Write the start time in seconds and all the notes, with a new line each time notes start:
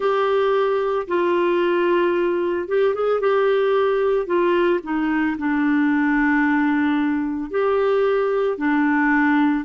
0.00 G4
1.07 F4
2.67 G4
2.94 G#4
3.20 G4
4.26 F4
4.83 D#4
5.38 D4
7.50 G4
8.57 D4